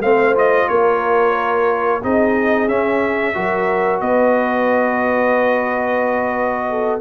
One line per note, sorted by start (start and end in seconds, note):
0.00 0.67 A3
0.00 0.34 C4
0.00 0.69 C5
0.00 0.35 F5
0.34 2.01 F4
0.34 0.68 D#5
0.68 2.02 A#3
0.68 2.02 A#4
0.68 2.02 C#5
2.02 2.68 C4
2.02 2.68 D#4
2.02 3.35 G#4
2.02 2.68 D#5
2.68 3.35 C#4
2.68 3.34 C#4
2.68 4.00 E5
3.34 4.01 F#3
3.34 7.00 F#4
3.34 4.02 A#4
4.00 7.00 B3
4.00 6.68 B4
4.00 7.00 D#5
6.69 7.00 A4